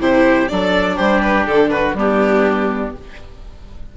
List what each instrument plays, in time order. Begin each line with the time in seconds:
0.00 bassoon C3, viola E4, oboe G4, violin C5
0.48 bassoon F#3, viola D4, oboe A4, violin D5
0.96 bassoon G3, oboe G4, violin C5
1.22 violin B4
1.47 bassoon D3, violin A4
1.71 oboe F#4, violin B4
1.94 bassoon G3, viola B3, oboe D4, violin G4